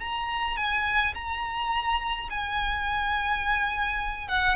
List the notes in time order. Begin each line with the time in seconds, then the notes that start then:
0.00 A#5
0.57 G#5
1.14 A#5
2.30 G#5
4.28 F#5